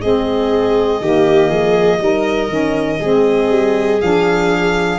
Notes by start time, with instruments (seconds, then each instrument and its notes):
0.00 tuba G#3, saxophone C4, viola G#4, violin D#5
1.00 tuba D#3, saxophone A#3, viola G4
1.49 tuba F3, viola G#4
1.99 tuba G3, saxophone D#4, viola A#4
2.48 tuba D#3, saxophone C#4
3.00 tuba G#3, saxophone C4, viola G#4
3.49 tuba G3
4.00 tuba F3, saxophone D4, violin F5